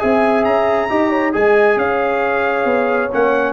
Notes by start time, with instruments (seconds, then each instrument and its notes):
0.00 tuba C4, trombone G#4, horn E5, trumpet G#5
0.45 tuba C#4, trumpet A#5
0.89 tuba D#4, trombone G4, horn D#5
1.10 horn C#5
1.33 tuba G#3, trombone G#4, horn D#5, trumpet G#5
1.77 tuba C#4, horn C#5, trumpet F5
2.65 tuba B3
3.13 tuba A#3, trombone C#4, trumpet F#5